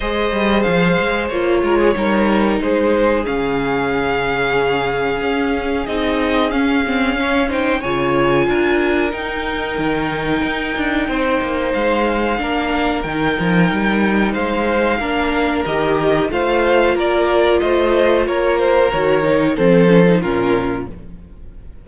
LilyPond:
<<
  \new Staff \with { instrumentName = "violin" } { \time 4/4 \tempo 4 = 92 dis''4 f''4 cis''2 | c''4 f''2.~ | f''4 dis''4 f''4. g''8 | gis''2 g''2~ |
g''2 f''2 | g''2 f''2 | dis''4 f''4 d''4 dis''4 | cis''8 c''8 cis''4 c''4 ais'4 | }
  \new Staff \with { instrumentName = "violin" } { \time 4/4 c''2~ c''8 ais'16 gis'16 ais'4 | gis'1~ | gis'2. cis''8 c''8 | cis''4 ais'2.~ |
ais'4 c''2 ais'4~ | ais'2 c''4 ais'4~ | ais'4 c''4 ais'4 c''4 | ais'2 a'4 f'4 | }
  \new Staff \with { instrumentName = "viola" } { \time 4/4 gis'2 f'4 dis'4~ | dis'4 cis'2.~ | cis'4 dis'4 cis'8 c'8 cis'8 dis'8 | f'2 dis'2~ |
dis'2. d'4 | dis'2. d'4 | g'4 f'2.~ | f'4 fis'8 dis'8 c'8 cis'16 dis'16 cis'4 | }
  \new Staff \with { instrumentName = "cello" } { \time 4/4 gis8 g8 f8 gis8 ais8 gis8 g4 | gis4 cis2. | cis'4 c'4 cis'2 | cis4 d'4 dis'4 dis4 |
dis'8 d'8 c'8 ais8 gis4 ais4 | dis8 f8 g4 gis4 ais4 | dis4 a4 ais4 a4 | ais4 dis4 f4 ais,4 | }
>>